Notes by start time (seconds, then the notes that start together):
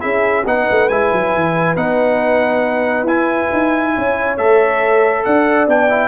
0.00 C#4 E4 G#4 E5
0.46 B3 D#4 B4 F#5
0.70 A3
0.89 G#3 E4 G#5
1.12 F#3
1.34 E3
1.76 B3 D#4 F#5
3.03 E4 G#5
3.52 D#4
3.95 C#4 C#5
4.37 A3 A4 E5
5.24 D4 D5 F#5
5.67 B3 D4 G5
5.89 E4